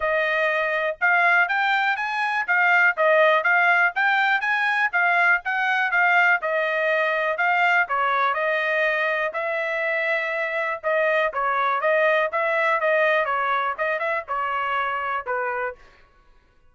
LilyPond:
\new Staff \with { instrumentName = "trumpet" } { \time 4/4 \tempo 4 = 122 dis''2 f''4 g''4 | gis''4 f''4 dis''4 f''4 | g''4 gis''4 f''4 fis''4 | f''4 dis''2 f''4 |
cis''4 dis''2 e''4~ | e''2 dis''4 cis''4 | dis''4 e''4 dis''4 cis''4 | dis''8 e''8 cis''2 b'4 | }